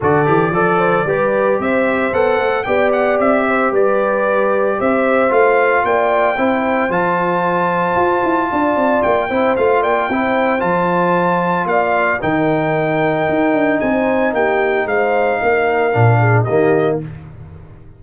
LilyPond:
<<
  \new Staff \with { instrumentName = "trumpet" } { \time 4/4 \tempo 4 = 113 d''2. e''4 | fis''4 g''8 fis''8 e''4 d''4~ | d''4 e''4 f''4 g''4~ | g''4 a''2.~ |
a''4 g''4 f''8 g''4. | a''2 f''4 g''4~ | g''2 gis''4 g''4 | f''2. dis''4 | }
  \new Staff \with { instrumentName = "horn" } { \time 4/4 a'4 d''8 c''8 b'4 c''4~ | c''4 d''4. c''8 b'4~ | b'4 c''2 d''4 | c''1 |
d''4. c''4 d''8 c''4~ | c''2 d''4 ais'4~ | ais'2 c''4 g'4 | c''4 ais'4. gis'8 g'4 | }
  \new Staff \with { instrumentName = "trombone" } { \time 4/4 fis'8 g'8 a'4 g'2 | a'4 g'2.~ | g'2 f'2 | e'4 f'2.~ |
f'4. e'8 f'4 e'4 | f'2. dis'4~ | dis'1~ | dis'2 d'4 ais4 | }
  \new Staff \with { instrumentName = "tuba" } { \time 4/4 d8 e8 f4 g4 c'4 | b8 a8 b4 c'4 g4~ | g4 c'4 a4 ais4 | c'4 f2 f'8 e'8 |
d'8 c'8 ais8 c'8 a8 ais8 c'4 | f2 ais4 dis4~ | dis4 dis'8 d'8 c'4 ais4 | gis4 ais4 ais,4 dis4 | }
>>